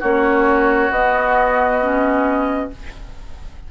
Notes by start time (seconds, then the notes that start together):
0.00 A#3 C#4 F#4 C#5
0.90 B3 D#5
1.82 C#4